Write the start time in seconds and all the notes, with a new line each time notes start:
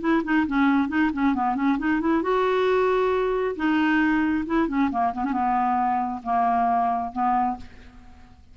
0.00 E4
0.24 D#4
0.47 C#4
0.88 D#4
1.13 C#4
1.34 B3
1.55 C#4
1.78 D#4
2.00 E4
2.22 F#4
3.56 D#4
4.46 E4
4.67 C#4
4.91 A#3
5.13 B3
5.24 C#4
5.32 B3
6.23 A#3
7.12 B3